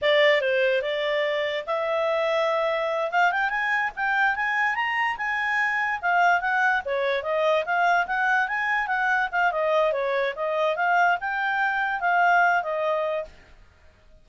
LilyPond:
\new Staff \with { instrumentName = "clarinet" } { \time 4/4 \tempo 4 = 145 d''4 c''4 d''2 | e''2.~ e''8 f''8 | g''8 gis''4 g''4 gis''4 ais''8~ | ais''8 gis''2 f''4 fis''8~ |
fis''8 cis''4 dis''4 f''4 fis''8~ | fis''8 gis''4 fis''4 f''8 dis''4 | cis''4 dis''4 f''4 g''4~ | g''4 f''4. dis''4. | }